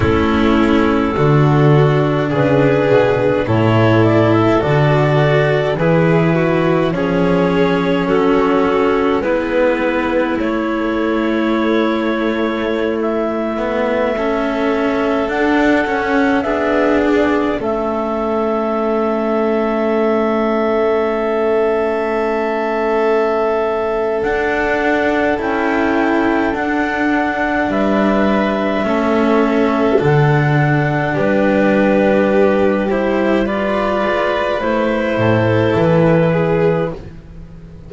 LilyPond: <<
  \new Staff \with { instrumentName = "clarinet" } { \time 4/4 \tempo 4 = 52 a'2 b'4 cis''8 d''16 e''16 | d''4 b'4 cis''4 a'4 | b'4 cis''2~ cis''16 e''8.~ | e''4~ e''16 fis''4 e''8 d''8 e''8.~ |
e''1~ | e''4 fis''4 g''4 fis''4 | e''2 fis''4 b'4~ | b'8 c''8 d''4 c''4 b'4 | }
  \new Staff \with { instrumentName = "violin" } { \time 4/4 e'4 fis'4 gis'4 a'4~ | a'4 gis'8 fis'8 gis'4 fis'4 | e'1~ | e'16 a'2 gis'4 a'8.~ |
a'1~ | a'1 | b'4 a'2 g'4~ | g'4 b'4. a'4 gis'8 | }
  \new Staff \with { instrumentName = "cello" } { \time 4/4 cis'4 d'2 e'4 | fis'4 e'4 cis'2 | b4 a2~ a8. b16~ | b16 cis'4 d'8 cis'8 d'4 cis'8.~ |
cis'1~ | cis'4 d'4 e'4 d'4~ | d'4 cis'4 d'2~ | d'8 e'8 f'4 e'2 | }
  \new Staff \with { instrumentName = "double bass" } { \time 4/4 a4 d4 cis8 b,8 a,4 | d4 e4 f4 fis4 | gis4 a2.~ | a4~ a16 d'8 cis'8 b4 a8.~ |
a1~ | a4 d'4 cis'4 d'4 | g4 a4 d4 g4~ | g4. gis8 a8 a,8 e4 | }
>>